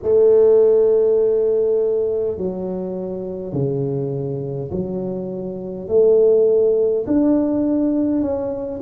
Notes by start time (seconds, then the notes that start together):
0.02 A3
2.37 F#3
3.52 C#3
4.71 F#3
5.88 A3
7.06 D4
8.21 C#4